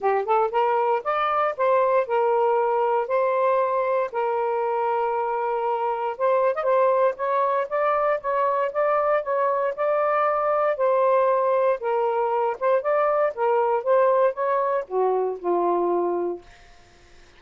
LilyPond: \new Staff \with { instrumentName = "saxophone" } { \time 4/4 \tempo 4 = 117 g'8 a'8 ais'4 d''4 c''4 | ais'2 c''2 | ais'1 | c''8. dis''16 c''4 cis''4 d''4 |
cis''4 d''4 cis''4 d''4~ | d''4 c''2 ais'4~ | ais'8 c''8 d''4 ais'4 c''4 | cis''4 fis'4 f'2 | }